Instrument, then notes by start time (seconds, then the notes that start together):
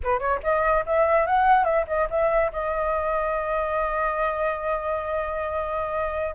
flute
0.03 B4
0.19 C#5
0.43 D#5
0.85 E5
1.26 F#5
1.64 E5
1.87 D#5
2.09 E5
2.52 D#5